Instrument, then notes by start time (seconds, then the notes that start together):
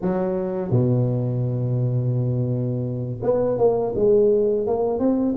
tuba
0.01 F#3
0.70 B2
3.22 B3
3.57 A#3
3.95 G#3
4.66 A#3
4.99 C4